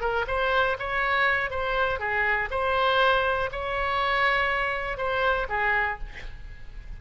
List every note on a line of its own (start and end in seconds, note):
0.00 0.25 A#4
0.27 0.77 C5
0.78 1.50 C#5
1.50 1.99 C5
1.99 2.49 G#4
2.50 3.49 C5
3.52 4.97 C#5
4.97 5.47 C5
5.48 5.98 G#4